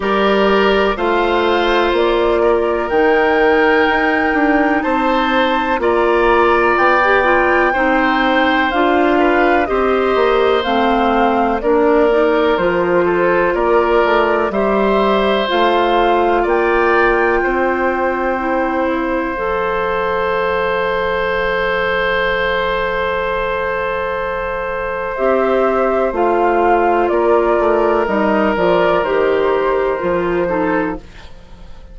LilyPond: <<
  \new Staff \with { instrumentName = "flute" } { \time 4/4 \tempo 4 = 62 d''4 f''4 d''4 g''4~ | g''4 a''4 ais''4 g''4~ | g''4 f''4 dis''4 f''4 | d''4 c''4 d''4 e''4 |
f''4 g''2~ g''8 f''8~ | f''1~ | f''2 e''4 f''4 | d''4 dis''8 d''8 c''2 | }
  \new Staff \with { instrumentName = "oboe" } { \time 4/4 ais'4 c''4. ais'4.~ | ais'4 c''4 d''2 | c''4. b'8 c''2 | ais'4. a'8 ais'4 c''4~ |
c''4 d''4 c''2~ | c''1~ | c''1 | ais'2.~ ais'8 a'8 | }
  \new Staff \with { instrumentName = "clarinet" } { \time 4/4 g'4 f'2 dis'4~ | dis'2 f'4~ f'16 g'16 f'8 | dis'4 f'4 g'4 c'4 | d'8 dis'8 f'2 g'4 |
f'2. e'4 | a'1~ | a'2 g'4 f'4~ | f'4 dis'8 f'8 g'4 f'8 dis'8 | }
  \new Staff \with { instrumentName = "bassoon" } { \time 4/4 g4 a4 ais4 dis4 | dis'8 d'8 c'4 ais4 b4 | c'4 d'4 c'8 ais8 a4 | ais4 f4 ais8 a8 g4 |
a4 ais4 c'2 | f1~ | f2 c'4 a4 | ais8 a8 g8 f8 dis4 f4 | }
>>